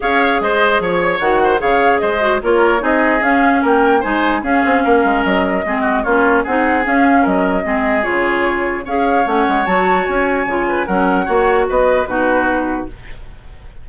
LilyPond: <<
  \new Staff \with { instrumentName = "flute" } { \time 4/4 \tempo 4 = 149 f''4 dis''4 cis''4 fis''4 | f''4 dis''4 cis''4 dis''4 | f''4 g''4 gis''4 f''4~ | f''4 dis''2 cis''4 |
fis''4 f''4 dis''2 | cis''2 f''4 fis''4 | a''4 gis''2 fis''4~ | fis''4 dis''4 b'2 | }
  \new Staff \with { instrumentName = "oboe" } { \time 4/4 cis''4 c''4 cis''4. c''8 | cis''4 c''4 ais'4 gis'4~ | gis'4 ais'4 c''4 gis'4 | ais'2 gis'8 fis'8 f'4 |
gis'2 ais'4 gis'4~ | gis'2 cis''2~ | cis''2~ cis''8 b'8 ais'4 | cis''4 b'4 fis'2 | }
  \new Staff \with { instrumentName = "clarinet" } { \time 4/4 gis'2. fis'4 | gis'4. fis'8 f'4 dis'4 | cis'2 dis'4 cis'4~ | cis'2 c'4 cis'4 |
dis'4 cis'2 c'4 | f'2 gis'4 cis'4 | fis'2 f'4 cis'4 | fis'2 dis'2 | }
  \new Staff \with { instrumentName = "bassoon" } { \time 4/4 cis'4 gis4 f4 dis4 | cis4 gis4 ais4 c'4 | cis'4 ais4 gis4 cis'8 c'8 | ais8 gis8 fis4 gis4 ais4 |
c'4 cis'4 fis4 gis4 | cis2 cis'4 a8 gis8 | fis4 cis'4 cis4 fis4 | ais4 b4 b,2 | }
>>